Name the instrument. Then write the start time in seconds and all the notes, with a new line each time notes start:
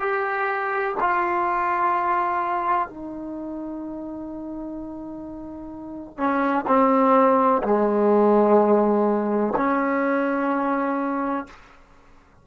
trombone
0.00 G4
1.00 F4
2.88 D#4
6.17 C#4
6.67 C4
7.63 G#3
9.56 C#4